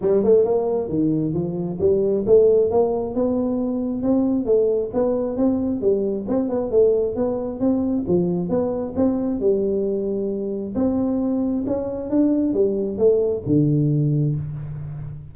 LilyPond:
\new Staff \with { instrumentName = "tuba" } { \time 4/4 \tempo 4 = 134 g8 a8 ais4 dis4 f4 | g4 a4 ais4 b4~ | b4 c'4 a4 b4 | c'4 g4 c'8 b8 a4 |
b4 c'4 f4 b4 | c'4 g2. | c'2 cis'4 d'4 | g4 a4 d2 | }